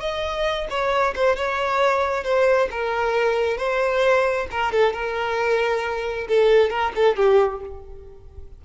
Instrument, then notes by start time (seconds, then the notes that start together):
violin
0.00 D#5
0.69 C#5
1.15 C5
1.36 C#5
2.24 C5
2.71 A#4
3.57 C5
4.51 A#4
4.72 A4
4.93 A#4
6.28 A4
6.70 A#4
6.95 A4
7.16 G4